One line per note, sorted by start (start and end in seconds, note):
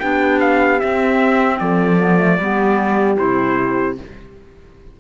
0.00 0.82 B3
0.00 0.80 D4
0.00 1.58 G4
0.00 0.40 G5
0.41 0.80 F5
0.80 2.00 C4
0.80 1.61 C4
0.80 1.59 E5
1.59 2.39 F3
1.59 2.40 A4
1.59 3.17 D5
2.00 2.18 B3
2.18 2.37 A3
2.39 3.18 G3
2.39 3.17 B3
2.39 4.00 G4
3.17 3.99 C3
3.17 3.96 E4
3.17 3.97 C5